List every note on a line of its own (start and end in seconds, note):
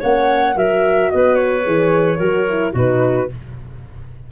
0.00 0.56 A#3
0.00 0.56 C#4
0.00 0.55 C#5
0.00 0.58 F#5
0.56 1.10 F#3
0.56 1.63 F#4
0.56 1.11 A#4
0.56 1.11 E5
1.11 1.66 B3
1.11 2.18 B4
1.11 1.35 D#5
1.35 2.72 C#5
1.63 2.19 E3
1.63 2.18 G#4
2.18 2.74 F#3
2.18 2.48 F#4
2.18 2.73 A#4
2.49 2.75 E4
2.73 3.29 B2
2.73 3.30 D#4
2.73 3.27 F#4
2.73 3.32 B4